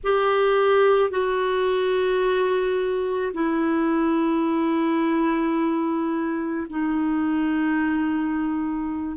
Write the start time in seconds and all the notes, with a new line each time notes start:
0.03 G4
1.10 F#4
3.33 E4
6.69 D#4